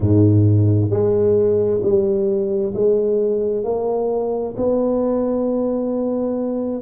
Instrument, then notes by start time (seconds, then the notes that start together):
tuba
0.00 G#2
0.90 G#3
1.82 G3
2.74 G#3
3.64 A#3
4.56 B3